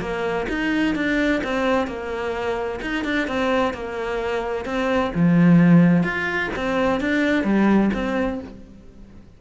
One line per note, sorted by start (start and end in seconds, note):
0.00 0.47 A#3
0.49 0.95 D#4
0.95 1.41 D4
1.43 1.87 C4
1.87 2.80 A#3
2.81 3.04 D#4
3.04 3.27 D4
3.27 3.73 C4
3.73 4.65 A#3
4.65 5.11 C4
5.14 6.03 F3
6.03 6.49 F4
6.56 7.00 C4
7.00 7.44 D4
7.44 7.90 G3
7.93 8.40 C4